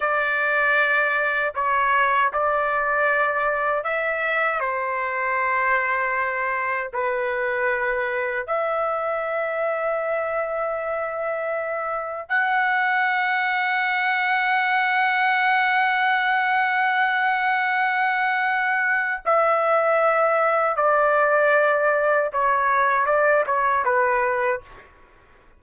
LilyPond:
\new Staff \with { instrumentName = "trumpet" } { \time 4/4 \tempo 4 = 78 d''2 cis''4 d''4~ | d''4 e''4 c''2~ | c''4 b'2 e''4~ | e''1 |
fis''1~ | fis''1~ | fis''4 e''2 d''4~ | d''4 cis''4 d''8 cis''8 b'4 | }